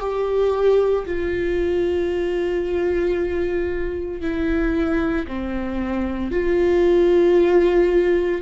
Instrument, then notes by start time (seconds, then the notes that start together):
viola
0.00 G4
1.06 F4
4.21 E4
5.27 C4
6.32 F4